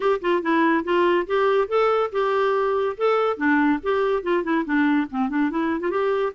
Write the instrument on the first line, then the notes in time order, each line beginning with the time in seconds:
clarinet
0.00 G4
0.21 F4
0.42 E4
0.84 F4
1.26 G4
1.68 A4
2.11 G4
2.97 A4
3.37 D4
3.82 G4
4.23 F4
4.43 E4
4.65 D4
5.10 C4
5.29 D4
5.50 E4
5.80 F4
5.90 G4